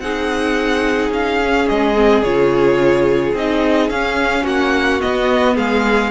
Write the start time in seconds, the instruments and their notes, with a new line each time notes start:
0.00 cello C4, viola D#4, violin G#4 F#5
1.10 cello C#4, violin F5
1.42 viola C#4
1.69 cello G#3, violin D#5
1.96 viola C4
2.22 cello C#3, viola F4, violin C#5
3.34 cello C4, viola D#4, violin D#5
3.90 cello C#4, viola C#4, violin F5
4.43 cello A#3, violin F#4 F#5
5.01 viola B3, cello B3, violin D#5
5.55 cello G#3, violin G#4 F5